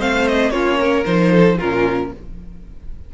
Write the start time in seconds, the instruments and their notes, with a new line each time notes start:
0.00 cello A3, viola C4, violin C5 F5
0.28 violin D#5
0.51 cello A#3, viola C#4, violin F4 C#5
0.80 violin A#4
1.05 cello F3, viola D#4, violin C5
1.32 violin A4
1.58 cello A#2, viola C#4, violin F4 A#4